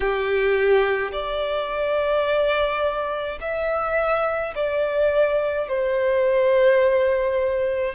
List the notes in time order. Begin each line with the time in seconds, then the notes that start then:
0.00 G4
1.12 D5
3.40 E5
4.55 D5
5.68 C5